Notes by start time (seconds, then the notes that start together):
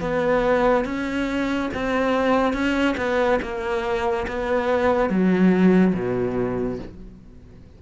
0.00 B3
0.85 C#4
1.74 C4
2.53 C#4
2.97 B3
3.42 A#3
4.28 B3
5.09 F#3
5.94 B2